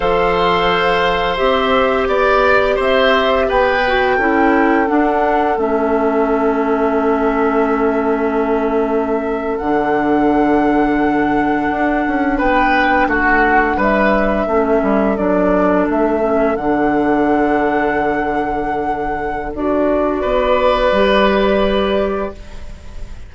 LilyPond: <<
  \new Staff \with { instrumentName = "flute" } { \time 4/4 \tempo 4 = 86 f''2 e''4 d''4 | e''4 g''2 fis''4 | e''1~ | e''4.~ e''16 fis''2~ fis''16~ |
fis''4.~ fis''16 g''4 fis''4 e''16~ | e''4.~ e''16 d''4 e''4 fis''16~ | fis''1 | d''1 | }
  \new Staff \with { instrumentName = "oboe" } { \time 4/4 c''2. d''4 | c''4 b'4 a'2~ | a'1~ | a'1~ |
a'4.~ a'16 b'4 fis'4 b'16~ | b'8. a'2.~ a'16~ | a'1~ | a'4 b'2. | }
  \new Staff \with { instrumentName = "clarinet" } { \time 4/4 a'2 g'2~ | g'4. fis'8 e'4 d'4 | cis'1~ | cis'4.~ cis'16 d'2~ d'16~ |
d'1~ | d'8. cis'4 d'4. cis'8 d'16~ | d'1 | fis'2 g'2 | }
  \new Staff \with { instrumentName = "bassoon" } { \time 4/4 f2 c'4 b4 | c'4 b4 cis'4 d'4 | a1~ | a4.~ a16 d2~ d16~ |
d8. d'8 cis'8 b4 a4 g16~ | g8. a8 g8 fis4 a4 d16~ | d1 | d'4 b4 g2 | }
>>